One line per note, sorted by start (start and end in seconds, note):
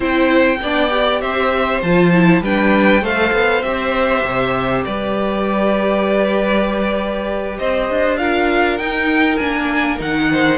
0.00 0.59 C4
0.00 0.58 E4
0.00 0.58 C5
0.00 1.21 G5
0.61 1.21 B3
0.61 0.90 D4
0.61 1.21 D5
0.90 1.81 G4
1.21 1.82 C4
1.21 2.42 C5
1.21 1.81 E5
1.81 2.41 F3
1.81 2.13 F4
1.81 2.42 A5
2.13 2.44 E4
2.41 3.01 G3
2.41 3.02 D4
2.41 3.02 B4
2.41 3.04 G5
3.01 3.31 A3
3.01 3.62 A4
3.01 4.84 C5
3.01 3.62 F5
3.32 3.62 B3
3.62 4.23 C4
3.62 8.18 G4
3.62 4.83 E5
4.24 4.84 C3
4.84 7.59 G3
4.84 7.58 B4
4.84 7.57 D5
7.58 7.89 C4
7.58 8.19 C5
7.58 8.17 D#5
7.89 8.79 D4
8.17 8.79 F4
8.17 10.31 A#4
8.17 8.77 F5
8.77 9.39 D#4
8.77 9.36 G5
9.36 10.00 A#3
9.36 9.98 D4
9.36 9.97 G#5
9.98 10.58 D#3
9.98 10.58 D#4
9.98 10.58 F#5
10.31 10.58 C5